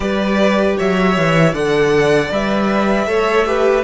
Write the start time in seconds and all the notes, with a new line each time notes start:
0.00 G3 G4 B4 D5
0.77 F#3 C#5 E5
1.17 E3
1.53 D3 A4 D5 F#5
2.31 G3 B4 E5
3.06 A3 A4 C#5
3.46 G4 B4